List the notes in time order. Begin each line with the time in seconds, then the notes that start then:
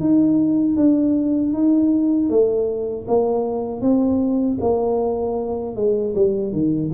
0.00 D#4
0.76 D4
1.53 D#4
2.29 A3
3.07 A#3
3.81 C4
4.60 A#3
5.76 G#3
6.15 G3
6.52 D#3